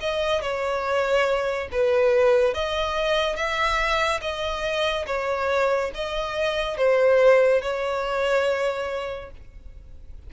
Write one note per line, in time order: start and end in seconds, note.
0.00 0.41 D#5
0.41 1.68 C#5
1.71 2.54 B4
2.54 3.36 D#5
3.36 4.20 E5
4.21 5.06 D#5
5.06 5.91 C#5
5.94 6.77 D#5
6.77 7.61 C5
7.61 9.30 C#5